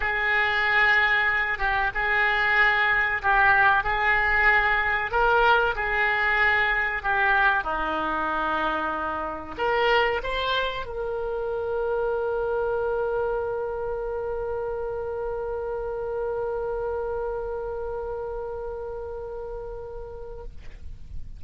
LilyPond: \new Staff \with { instrumentName = "oboe" } { \time 4/4 \tempo 4 = 94 gis'2~ gis'8 g'8 gis'4~ | gis'4 g'4 gis'2 | ais'4 gis'2 g'4 | dis'2. ais'4 |
c''4 ais'2.~ | ais'1~ | ais'1~ | ais'1 | }